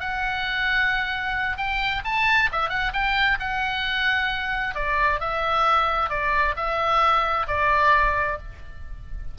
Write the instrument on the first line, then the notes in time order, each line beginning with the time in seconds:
oboe
0.00 F#5
1.57 G5
2.05 A5
2.52 E5
2.70 F#5
2.93 G5
3.40 F#5
4.75 D5
5.20 E5
6.10 D5
6.56 E5
7.48 D5